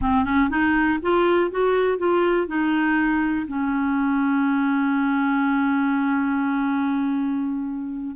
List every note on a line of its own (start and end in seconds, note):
0.01 0.24 C4
0.24 0.49 C#4
0.49 0.99 D#4
1.02 1.50 F4
1.50 1.97 F#4
1.97 2.47 F4
2.47 3.46 D#4
3.47 8.16 C#4